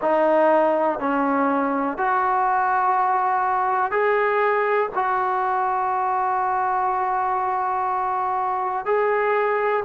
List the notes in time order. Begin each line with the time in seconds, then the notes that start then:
0.01 D#4
0.99 C#4
1.97 F#4
3.91 G#4
4.94 F#4
8.85 G#4